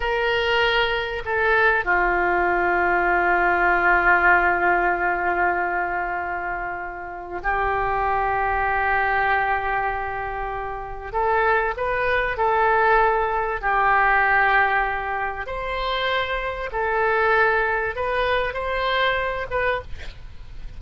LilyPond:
\new Staff \with { instrumentName = "oboe" } { \time 4/4 \tempo 4 = 97 ais'2 a'4 f'4~ | f'1~ | f'1 | g'1~ |
g'2 a'4 b'4 | a'2 g'2~ | g'4 c''2 a'4~ | a'4 b'4 c''4. b'8 | }